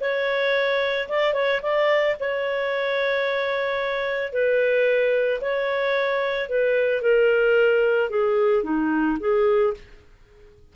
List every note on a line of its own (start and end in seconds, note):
0.00 1.08 C#5
1.08 1.33 D5
1.33 1.60 C#5
1.62 2.16 D5
2.20 4.32 C#5
4.32 5.41 B4
5.41 6.49 C#5
6.49 7.01 B4
7.01 8.10 A#4
8.10 8.63 G#4
8.63 9.17 D#4
9.20 9.74 G#4